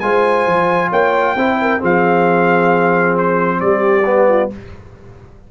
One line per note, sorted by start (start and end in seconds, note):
0.00 0.47 G#3
0.00 1.37 F4
0.00 0.90 C5
0.00 0.90 G#5
0.47 0.91 F3
0.90 1.36 A#3
0.90 1.35 C#5
0.90 1.82 G5
1.36 1.80 C4
1.36 1.80 E4
1.36 1.59 C5
1.61 1.80 A#4
1.80 3.61 F3
1.80 4.03 C4
1.80 3.60 G#4
1.80 3.18 F5
3.18 3.60 C5
3.60 4.51 G3
3.60 4.29 G4
3.60 4.50 D5
4.06 4.50 B3
4.29 4.51 F4